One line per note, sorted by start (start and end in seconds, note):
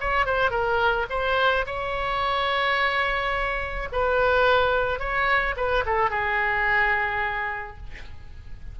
0.00 0.26 C#5
0.26 0.50 C5
0.50 1.06 A#4
1.09 1.65 C5
1.66 3.88 C#5
3.92 4.99 B4
4.99 5.55 C#5
5.56 5.84 B4
5.85 6.10 A4
6.10 7.77 G#4